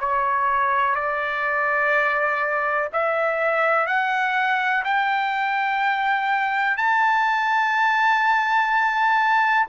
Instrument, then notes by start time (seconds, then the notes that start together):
trumpet
0.00 C#5
0.95 D5
2.93 E5
3.87 F#5
4.84 G5
6.77 A5